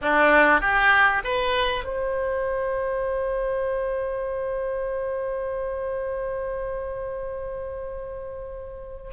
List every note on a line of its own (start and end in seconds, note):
0.01 0.60 D4
0.60 1.22 G4
1.24 1.84 B4
1.84 9.11 C5